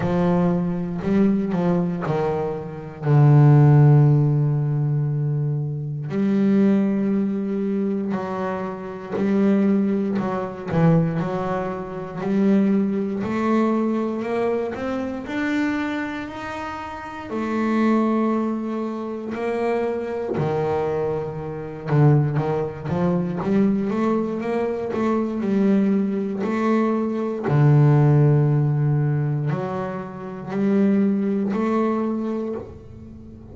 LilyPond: \new Staff \with { instrumentName = "double bass" } { \time 4/4 \tempo 4 = 59 f4 g8 f8 dis4 d4~ | d2 g2 | fis4 g4 fis8 e8 fis4 | g4 a4 ais8 c'8 d'4 |
dis'4 a2 ais4 | dis4. d8 dis8 f8 g8 a8 | ais8 a8 g4 a4 d4~ | d4 fis4 g4 a4 | }